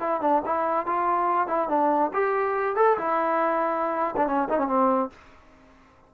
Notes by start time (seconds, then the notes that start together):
0.00 E4
0.21 D4
0.45 E4
0.86 F4
1.48 E4
1.69 D4
2.13 G4
2.76 A4
2.98 E4
4.17 D4
4.27 C#4
4.49 D#4
4.58 C#4
4.68 C4